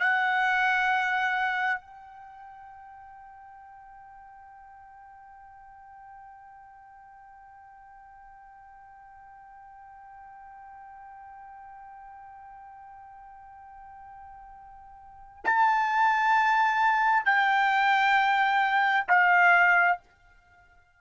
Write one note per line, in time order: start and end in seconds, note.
0.00 1.81 F#5
1.81 15.44 G5
15.45 17.25 A5
17.25 19.07 G5
19.08 19.99 F5